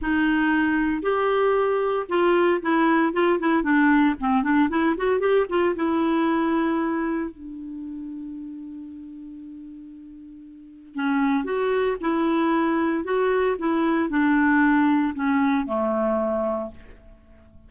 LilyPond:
\new Staff \with { instrumentName = "clarinet" } { \time 4/4 \tempo 4 = 115 dis'2 g'2 | f'4 e'4 f'8 e'8 d'4 | c'8 d'8 e'8 fis'8 g'8 f'8 e'4~ | e'2 d'2~ |
d'1~ | d'4 cis'4 fis'4 e'4~ | e'4 fis'4 e'4 d'4~ | d'4 cis'4 a2 | }